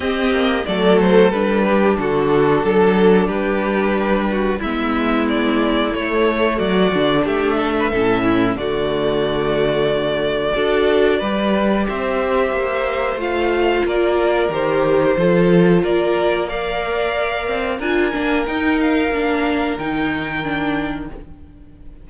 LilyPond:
<<
  \new Staff \with { instrumentName = "violin" } { \time 4/4 \tempo 4 = 91 dis''4 d''8 c''8 b'4 a'4~ | a'4 b'2 e''4 | d''4 cis''4 d''4 e''4~ | e''4 d''2.~ |
d''2 e''2 | f''4 d''4 c''2 | d''4 f''2 gis''4 | g''8 f''4. g''2 | }
  \new Staff \with { instrumentName = "violin" } { \time 4/4 g'4 a'4. g'8 fis'4 | a'4 g'4. fis'8 e'4~ | e'2 fis'4 g'8 a'16 b'16 | a'8 e'8 fis'2. |
a'4 b'4 c''2~ | c''4 ais'2 a'4 | ais'4 d''2 ais'4~ | ais'1 | }
  \new Staff \with { instrumentName = "viola" } { \time 4/4 c'4 a4 d'2~ | d'2. b4~ | b4 a4. d'4. | cis'4 a2. |
fis'4 g'2. | f'2 g'4 f'4~ | f'4 ais'2 f'8 d'8 | dis'4 d'4 dis'4 d'4 | }
  \new Staff \with { instrumentName = "cello" } { \time 4/4 c'8 ais8 fis4 g4 d4 | fis4 g2 gis4~ | gis4 a4 fis8 d8 a4 | a,4 d2. |
d'4 g4 c'4 ais4 | a4 ais4 dis4 f4 | ais2~ ais8 c'8 d'8 ais8 | dis'4 ais4 dis2 | }
>>